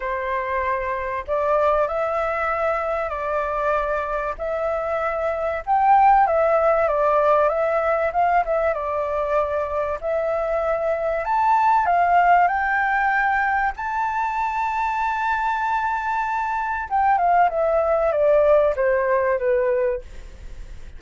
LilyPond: \new Staff \with { instrumentName = "flute" } { \time 4/4 \tempo 4 = 96 c''2 d''4 e''4~ | e''4 d''2 e''4~ | e''4 g''4 e''4 d''4 | e''4 f''8 e''8 d''2 |
e''2 a''4 f''4 | g''2 a''2~ | a''2. g''8 f''8 | e''4 d''4 c''4 b'4 | }